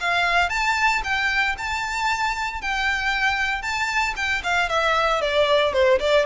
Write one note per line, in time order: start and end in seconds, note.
0.00 0.49 F5
0.49 1.02 A5
1.03 1.56 G5
1.57 2.61 A5
2.61 3.62 G5
3.62 4.14 A5
4.16 4.42 G5
4.43 4.69 F5
4.69 5.21 E5
5.21 5.73 D5
5.73 5.99 C5
5.99 6.25 D5